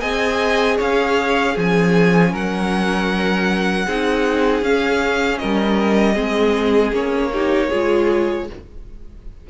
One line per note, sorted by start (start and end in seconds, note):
0.00 0.79 C4
0.00 1.54 G#4
0.00 0.77 D#5
0.00 0.77 G#5
0.77 1.57 C#4
0.77 1.53 C#5
0.77 1.58 F5
1.53 2.33 F3
1.53 3.85 C#4
1.53 2.30 G#4
1.53 2.35 G#5
2.33 3.87 F#3
2.33 3.86 A#4
2.33 4.64 F#5
3.86 4.62 C4
3.86 4.63 D#4
3.86 5.40 G#4
4.62 5.39 C#4
4.62 6.15 C#4
4.62 5.38 F5
5.38 6.18 G3
5.38 6.14 A#4
5.38 6.92 D#5
6.14 6.92 G#3
6.14 6.92 C4
6.14 7.29 G#4
6.92 7.69 A#3
6.92 7.31 C#4
6.92 8.49 C#5
7.32 7.71 D#4
7.32 7.69 G4
7.69 8.50 G#3
7.69 8.48 F4
7.69 8.46 G#4